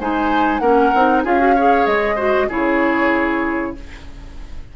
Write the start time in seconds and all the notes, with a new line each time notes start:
0.00 G#3 D#4 C5 G#5
0.59 A#3 C#4 A#4 F#5
0.95 C4 D#4
1.24 C#4 F4 G#4 F5
1.39 F#4
1.56 G#4 C#5
1.86 G#3 D#5
2.15 F#4 C5
2.49 C#3 E4 G#4 C#5